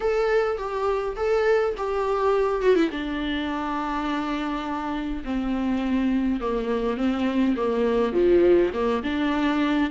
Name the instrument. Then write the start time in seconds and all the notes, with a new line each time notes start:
viola
0.00 A4
0.57 G4
1.16 A4
1.77 G4
2.61 F#4
2.75 E4
2.90 D4
5.24 C4
6.40 A#3
6.97 C4
7.56 A#3
8.12 F3
8.73 A#3
9.03 D4